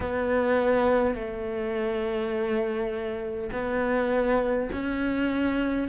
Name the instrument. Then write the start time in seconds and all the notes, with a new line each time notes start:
cello
0.00 B3
1.14 A3
3.51 B3
4.72 C#4